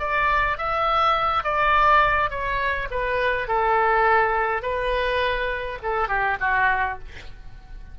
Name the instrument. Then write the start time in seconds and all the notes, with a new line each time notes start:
oboe
0.00 D5
0.59 E5
1.44 D5
2.31 C#5
2.91 B4
3.48 A4
4.63 B4
5.83 A4
6.08 G4
6.41 F#4